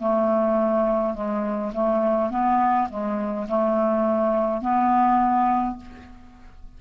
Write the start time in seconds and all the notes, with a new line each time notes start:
0.00 A3
1.14 G#3
1.74 A3
2.31 B3
2.90 G#3
3.48 A3
4.62 B3